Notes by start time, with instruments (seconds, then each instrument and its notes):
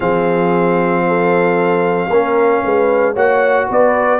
0.00 tuba F3, trombone C4, horn G#4, trumpet F5
1.07 horn A4
2.09 tuba A#3, trombone C#4, horn A#4
2.63 tuba G#3, horn B4
3.13 tuba A#3, trombone F#4, horn C#5, trumpet F#5
3.67 tuba B3, horn B4, trumpet D5